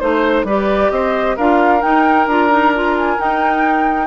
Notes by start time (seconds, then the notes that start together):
0.00 A3 D#4 C5
0.44 G3 G4 B4 D5
0.91 C4 C5 D#5
1.37 D4 F4 A#4 F5
1.81 D#4 G5
2.27 D4 F4 A#5
2.50 D#4
2.75 F4
2.98 G#5
3.18 D#4 G5